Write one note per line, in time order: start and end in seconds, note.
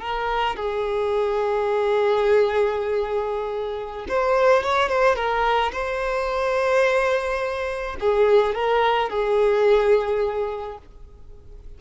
0.00 0.56 A#4
0.56 4.06 G#4
4.08 4.63 C5
4.63 4.89 C#5
4.89 5.16 C5
5.16 5.72 A#4
5.72 7.96 C5
8.00 8.55 G#4
8.55 9.09 A#4
9.09 10.78 G#4